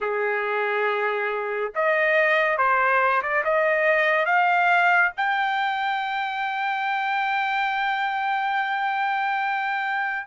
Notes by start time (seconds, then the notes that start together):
0.00 G#4
1.75 D#5
2.57 C5
3.22 D5
3.44 D#5
4.25 F5
5.17 G5